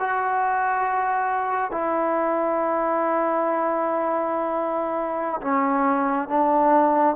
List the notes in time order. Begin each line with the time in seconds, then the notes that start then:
0.00 F#4
1.72 E4
5.42 C#4
6.29 D4